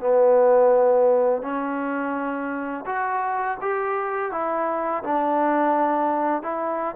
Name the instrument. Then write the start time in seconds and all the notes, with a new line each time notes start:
trombone
0.00 B3
1.42 C#4
2.86 F#4
3.61 G4
4.31 E4
5.04 D4
6.42 E4